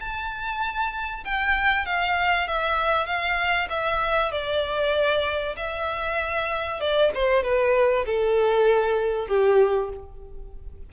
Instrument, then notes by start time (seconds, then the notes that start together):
violin
0.00 A5
1.25 G5
1.86 F5
2.47 E5
3.06 F5
3.69 E5
4.32 D5
5.56 E5
6.80 D5
7.14 C5
7.43 B4
8.06 A4
9.28 G4